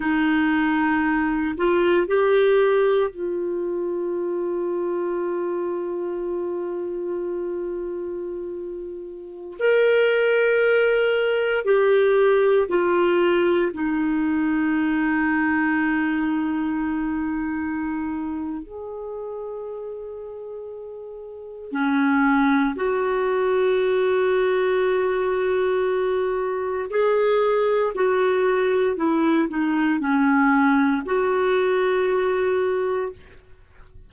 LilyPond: \new Staff \with { instrumentName = "clarinet" } { \time 4/4 \tempo 4 = 58 dis'4. f'8 g'4 f'4~ | f'1~ | f'4~ f'16 ais'2 g'8.~ | g'16 f'4 dis'2~ dis'8.~ |
dis'2 gis'2~ | gis'4 cis'4 fis'2~ | fis'2 gis'4 fis'4 | e'8 dis'8 cis'4 fis'2 | }